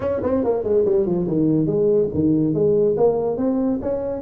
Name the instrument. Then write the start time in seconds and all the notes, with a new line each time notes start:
tuba
0.00 C#4
0.22 C4
0.43 A#3
0.63 G#3
0.85 G3
1.05 F3
1.27 D#3
1.66 G#3
2.14 D#3
2.54 G#3
2.97 A#3
3.37 C4
3.81 C#4